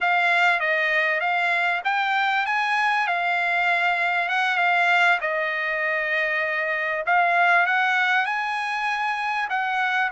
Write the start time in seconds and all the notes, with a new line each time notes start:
0.01 F5
0.60 D#5
1.20 F5
1.84 G5
2.46 G#5
3.07 F5
4.29 F#5
4.57 F5
5.20 D#5
7.05 F5
7.66 F#5
8.25 G#5
9.49 F#5